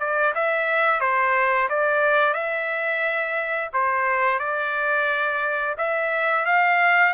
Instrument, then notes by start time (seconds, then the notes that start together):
trumpet
0.00 D5
0.35 E5
1.00 C5
1.69 D5
2.34 E5
3.73 C5
4.39 D5
5.78 E5
6.46 F5